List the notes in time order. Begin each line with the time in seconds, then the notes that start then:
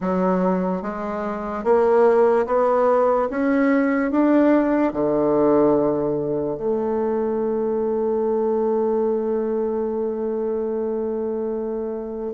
0.00 F#3
0.82 G#3
1.64 A#3
2.46 B3
3.30 C#4
4.11 D4
4.92 D3
6.57 A3